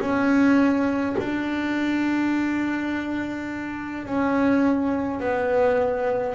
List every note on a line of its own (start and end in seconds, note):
0.00 1.15 C#4
1.19 4.05 D4
4.05 5.20 C#4
5.20 6.35 B3